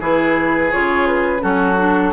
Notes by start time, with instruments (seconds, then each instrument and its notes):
0.00 bassoon E3, clarinet E4, oboe G#4, flute B4
0.71 bassoon C#3, clarinet F4, flute C#5
1.07 flute B4
1.40 bassoon F#3, clarinet C#4, oboe F#4, flute A4
1.78 clarinet D4